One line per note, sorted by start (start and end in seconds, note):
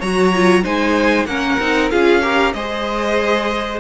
0.00 0.65 F#3
0.00 0.35 F#4
0.00 0.63 C#5
0.00 0.64 A#5
0.35 0.64 F4
0.63 1.26 G#3
0.63 1.27 D#4
0.63 1.26 C5
0.63 1.26 G#5
1.26 1.57 A#3
1.26 1.60 C#4
1.26 1.92 A#4
1.26 1.89 F#5
1.60 1.92 C4
1.60 1.91 D#4
1.91 2.54 C#4
1.91 2.22 F4
1.91 2.22 G#4
1.91 2.53 F5
2.22 2.54 G4
2.22 2.54 A#4
2.53 3.81 G#3
2.53 3.81 G#4
2.53 3.81 C5
2.53 3.79 D#5